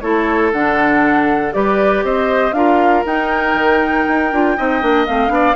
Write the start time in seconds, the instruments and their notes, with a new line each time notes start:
0.00 bassoon A3, clarinet E4, oboe A4, flute C#5
0.52 bassoon D3, clarinet D4, flute F#5
1.52 bassoon G3, clarinet G4, oboe B4, flute D5
2.04 bassoon C4, oboe C5, flute D#5
2.53 bassoon D4, clarinet F4, oboe A#4, flute F5
3.05 clarinet D#4, bassoon D#4, flute G5
3.55 bassoon D#3
4.09 bassoon D#4
4.32 bassoon D4, clarinet F4
4.57 bassoon C4, clarinet D#4, oboe D#5
4.81 bassoon A#3, clarinet D4
5.07 bassoon A3, clarinet C4, flute F5
5.28 bassoon B3, clarinet D4, oboe D5